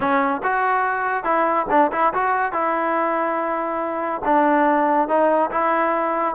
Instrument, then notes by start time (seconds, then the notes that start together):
trombone
0.00 C#4
0.43 F#4
1.24 E4
1.70 D4
1.91 E4
2.13 F#4
2.52 E4
4.25 D4
5.08 D#4
5.50 E4